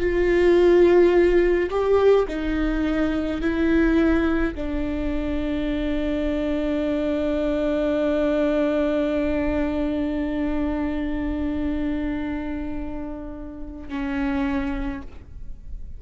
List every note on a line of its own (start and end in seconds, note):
0.00 1.70 F4
1.70 2.26 G4
2.28 3.41 D#4
3.41 4.54 E4
4.55 13.89 D4
13.89 15.02 C#4